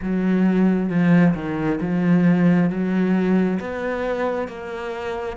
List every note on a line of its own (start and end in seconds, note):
0.02 0.90 F#3
0.90 1.34 F3
1.34 1.79 D#3
1.81 2.69 F3
2.69 3.59 F#3
3.60 4.48 B3
4.48 5.36 A#3